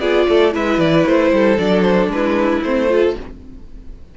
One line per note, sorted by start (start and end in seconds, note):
0.00 0.26 B3
0.00 0.53 F4
0.00 0.28 G#4
0.00 0.53 D5
0.29 0.56 A3
0.29 0.54 A4
0.53 0.78 G#3
0.53 1.58 E4
0.53 1.33 B4
0.53 0.80 E5
0.78 1.05 E3
0.78 1.07 D5
1.07 1.33 A3
1.07 1.59 C5
1.33 1.59 G3
1.33 2.13 A4
1.58 2.08 F#3
1.58 2.63 D4
1.58 1.82 D5
1.82 2.08 C5
2.08 2.61 G#3
2.08 2.63 B4
2.14 2.91 E4
2.63 3.17 A3
2.63 2.89 C4
2.63 3.16 C5
2.89 3.16 F4
2.89 3.18 A4